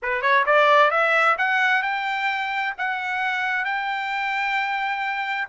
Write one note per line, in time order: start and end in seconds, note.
0.02 0.21 B4
0.21 0.44 C#5
0.46 0.90 D5
0.90 1.36 E5
1.38 1.82 F#5
1.82 2.74 G5
2.78 3.64 F#5
3.64 5.48 G5